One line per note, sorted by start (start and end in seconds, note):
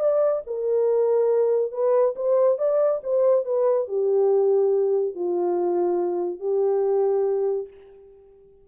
0.00 0.43 D5
0.47 1.72 A#4
1.72 2.15 B4
2.16 2.58 C5
2.58 3.01 D5
3.03 3.45 C5
3.45 3.88 B4
3.88 5.15 G4
5.15 6.40 F4
6.40 7.68 G4